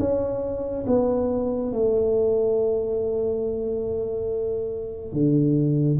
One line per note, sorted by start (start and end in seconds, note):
0.00 0.86 C#4
0.87 1.73 B3
1.73 5.13 A3
5.13 5.99 D3